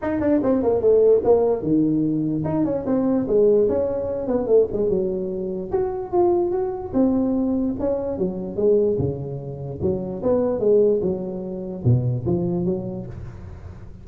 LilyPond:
\new Staff \with { instrumentName = "tuba" } { \time 4/4 \tempo 4 = 147 dis'8 d'8 c'8 ais8 a4 ais4 | dis2 dis'8 cis'8 c'4 | gis4 cis'4. b8 a8 gis8 | fis2 fis'4 f'4 |
fis'4 c'2 cis'4 | fis4 gis4 cis2 | fis4 b4 gis4 fis4~ | fis4 b,4 f4 fis4 | }